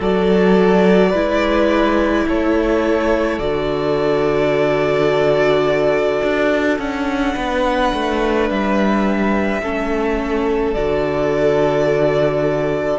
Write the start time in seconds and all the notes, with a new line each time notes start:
0.00 F#3 F#4 A4 D5
1.10 G#3 E4 B4
2.28 A3 A4 C#5
3.39 D3 F#4 D5
6.23 D4
6.79 C#4 D4 F#5
7.36 B3 B4
7.94 A3
8.50 G3 E5
9.62 A3 C#4 A4
10.74 D3 F#4 D5